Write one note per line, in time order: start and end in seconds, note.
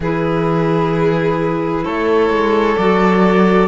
0.00 1.84 E3
0.00 2.78 E4
0.00 1.84 G#4
0.00 1.84 B4
1.84 2.29 A3
1.84 3.68 A4
1.84 2.77 C#5
2.29 2.76 G#3
2.77 3.68 F#3
2.77 3.68 F#4
2.77 3.68 D5